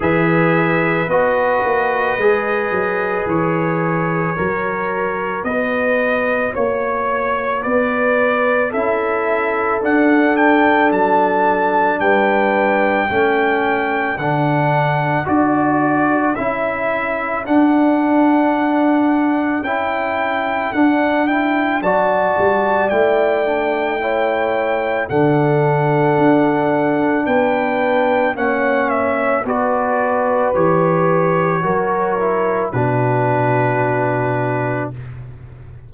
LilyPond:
<<
  \new Staff \with { instrumentName = "trumpet" } { \time 4/4 \tempo 4 = 55 e''4 dis''2 cis''4~ | cis''4 dis''4 cis''4 d''4 | e''4 fis''8 g''8 a''4 g''4~ | g''4 fis''4 d''4 e''4 |
fis''2 g''4 fis''8 g''8 | a''4 g''2 fis''4~ | fis''4 g''4 fis''8 e''8 d''4 | cis''2 b'2 | }
  \new Staff \with { instrumentName = "horn" } { \time 4/4 b'1 | ais'4 b'4 cis''4 b'4 | a'2. b'4 | a'1~ |
a'1 | d''2 cis''4 a'4~ | a'4 b'4 cis''4 b'4~ | b'4 ais'4 fis'2 | }
  \new Staff \with { instrumentName = "trombone" } { \time 4/4 gis'4 fis'4 gis'2 | fis'1 | e'4 d'2. | cis'4 d'4 fis'4 e'4 |
d'2 e'4 d'8 e'8 | fis'4 e'8 d'8 e'4 d'4~ | d'2 cis'4 fis'4 | g'4 fis'8 e'8 d'2 | }
  \new Staff \with { instrumentName = "tuba" } { \time 4/4 e4 b8 ais8 gis8 fis8 e4 | fis4 b4 ais4 b4 | cis'4 d'4 fis4 g4 | a4 d4 d'4 cis'4 |
d'2 cis'4 d'4 | fis8 g8 a2 d4 | d'4 b4 ais4 b4 | e4 fis4 b,2 | }
>>